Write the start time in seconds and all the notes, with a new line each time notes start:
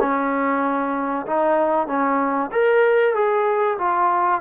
0.00 C#4
1.27 D#4
1.87 C#4
2.52 A#4
3.15 G#4
3.79 F4